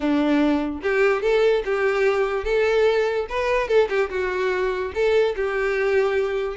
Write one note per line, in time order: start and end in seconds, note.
0.00 0.81 D4
0.82 1.22 G4
1.22 1.63 A4
1.65 2.44 G4
2.44 3.26 A4
3.29 3.67 B4
3.67 3.88 A4
3.89 4.09 G4
4.10 4.92 F#4
4.94 5.35 A4
5.36 6.56 G4